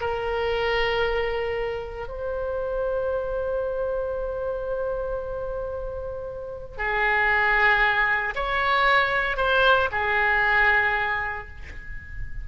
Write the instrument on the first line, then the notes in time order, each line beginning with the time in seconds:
oboe
0.00 A#4
2.08 C5
6.77 G#4
8.35 C#5
9.37 C5
9.91 G#4